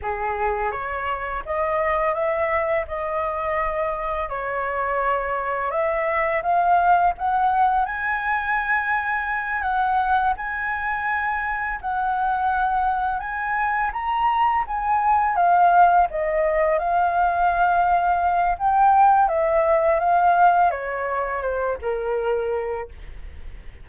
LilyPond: \new Staff \with { instrumentName = "flute" } { \time 4/4 \tempo 4 = 84 gis'4 cis''4 dis''4 e''4 | dis''2 cis''2 | e''4 f''4 fis''4 gis''4~ | gis''4. fis''4 gis''4.~ |
gis''8 fis''2 gis''4 ais''8~ | ais''8 gis''4 f''4 dis''4 f''8~ | f''2 g''4 e''4 | f''4 cis''4 c''8 ais'4. | }